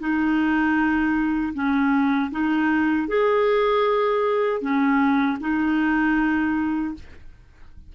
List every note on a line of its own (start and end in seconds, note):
0.00 1.54 D#4
1.54 2.31 C#4
2.32 3.08 D#4
3.08 4.62 G#4
4.62 5.38 C#4
5.41 6.95 D#4